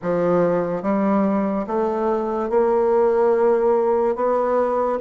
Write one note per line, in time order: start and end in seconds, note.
0.02 0.82 F3
0.82 1.66 G3
1.66 2.49 A3
2.49 4.15 A#3
4.15 4.98 B3